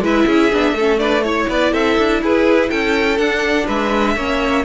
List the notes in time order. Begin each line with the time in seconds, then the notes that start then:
0.00 G#3 E4 B4 E5
0.25 C#4 G#4
0.51 B3 D4
0.72 A3 A4
0.79 C#4
0.98 D4 B4 D5
1.23 E4 C#5
1.48 B3 B4 D5
1.71 C4 A4 E5
1.98 D4
2.22 E4 G#4 B4
2.69 C#4 A4 G5
3.17 D4 F#5
3.65 G#3 B4 E5
4.15 A#3 C#4 C#5